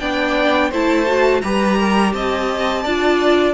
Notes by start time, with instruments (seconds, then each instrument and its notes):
0.00 cello B3, viola D4, violin D5 G5
0.70 cello A3, viola E4, violin C5 A5
1.07 viola F#4
1.42 cello G3, viola G4, violin B4 A#5
1.79 violin A#4
2.14 cello C4, violin D#5 A5
2.84 cello D4, viola F4, violin D5